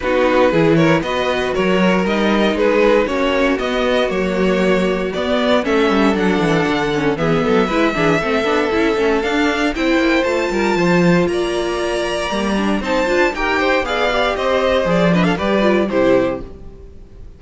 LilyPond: <<
  \new Staff \with { instrumentName = "violin" } { \time 4/4 \tempo 4 = 117 b'4. cis''8 dis''4 cis''4 | dis''4 b'4 cis''4 dis''4 | cis''2 d''4 e''4 | fis''2 e''2~ |
e''2 f''4 g''4 | a''2 ais''2~ | ais''4 a''4 g''4 f''4 | dis''4 d''8 dis''16 f''16 d''4 c''4 | }
  \new Staff \with { instrumentName = "violin" } { \time 4/4 fis'4 gis'8 ais'8 b'4 ais'4~ | ais'4 gis'4 fis'2~ | fis'2. a'4~ | a'2 gis'8 a'8 b'8 gis'8 |
a'2. c''4~ | c''8 ais'8 c''4 d''2~ | d''4 c''4 ais'8 c''8 d''4 | c''4. b'16 a'16 b'4 g'4 | }
  \new Staff \with { instrumentName = "viola" } { \time 4/4 dis'4 e'4 fis'2 | dis'2 cis'4 b4 | ais2 b4 cis'4 | d'4. cis'8 b4 e'8 d'8 |
c'8 d'8 e'8 cis'8 d'4 e'4 | f'1 | ais8 d'8 dis'8 f'8 g'4 gis'8 g'8~ | g'4 gis'8 d'8 g'8 f'8 e'4 | }
  \new Staff \with { instrumentName = "cello" } { \time 4/4 b4 e4 b4 fis4 | g4 gis4 ais4 b4 | fis2 b4 a8 g8 | fis8 e8 d4 e8 fis8 gis8 e8 |
a8 b8 cis'8 a8 d'4 c'8 ais8 | a8 g8 f4 ais2 | g4 c'8 d'8 dis'4 b4 | c'4 f4 g4 c4 | }
>>